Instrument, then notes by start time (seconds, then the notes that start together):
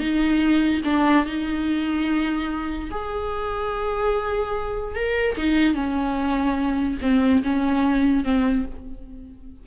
viola
0.00 D#4
0.85 D4
1.26 D#4
2.91 G#4
4.96 A#4
5.38 D#4
5.75 C#4
7.02 C4
7.44 C#4
8.25 C4